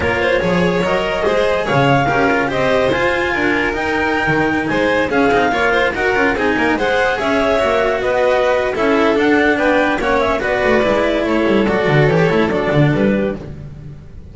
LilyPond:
<<
  \new Staff \with { instrumentName = "clarinet" } { \time 4/4 \tempo 4 = 144 cis''2 dis''2 | f''2 dis''4 gis''4~ | gis''4 g''2~ g''16 gis''8.~ | gis''16 f''2 fis''4 gis''8.~ |
gis''16 fis''4 e''2 dis''8.~ | dis''4 e''4 fis''4 g''4 | fis''8 e''8 d''2 cis''4 | d''4 cis''4 d''4 b'4 | }
  \new Staff \with { instrumentName = "violin" } { \time 4/4 ais'8 c''8 cis''2 c''4 | cis''4 ais'4 c''2 | ais'2.~ ais'16 c''8.~ | c''16 gis'4 cis''8 c''8 ais'4 gis'8 ais'16~ |
ais'16 c''4 cis''2 b'8.~ | b'4 a'2 b'4 | cis''4 b'2 a'4~ | a'2.~ a'8 g'8 | }
  \new Staff \with { instrumentName = "cello" } { \time 4/4 f'4 gis'4 ais'4 gis'4~ | gis'4 g'8 f'8 g'4 f'4~ | f'4 dis'2.~ | dis'16 cis'8 dis'8 f'4 fis'8 f'8 dis'8.~ |
dis'16 gis'2 fis'4.~ fis'16~ | fis'4 e'4 d'2 | cis'4 fis'4 e'2 | fis'4 g'8 e'8 d'2 | }
  \new Staff \with { instrumentName = "double bass" } { \time 4/4 ais4 f4 fis4 gis4 | cis4 cis'4 c'4 f'4 | d'4 dis'4~ dis'16 dis4 gis8.~ | gis16 cis'8 c'8 ais4 dis'8 cis'8 c'8 ais16~ |
ais16 gis4 cis'4 ais4 b8.~ | b4 cis'4 d'4 b4 | ais4 b8 a8 gis4 a8 g8 | fis8 d8 e8 a8 fis8 d8 g4 | }
>>